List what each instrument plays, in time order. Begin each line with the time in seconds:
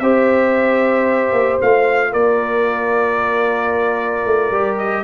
0.00 tuba C4, trombone G4, horn C5, trumpet E5
1.33 tuba A#3
1.61 tuba A3, trombone F4, trumpet F5
2.12 tuba A#3, horn A#4, trumpet D5
4.26 tuba A3
4.52 tuba G3, trombone G4
4.78 trumpet D#5